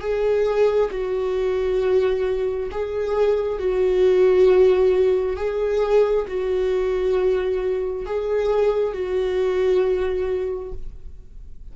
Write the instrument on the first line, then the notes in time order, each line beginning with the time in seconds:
viola
0.00 G#4
0.91 F#4
2.71 G#4
3.59 F#4
5.37 G#4
6.28 F#4
8.06 G#4
8.93 F#4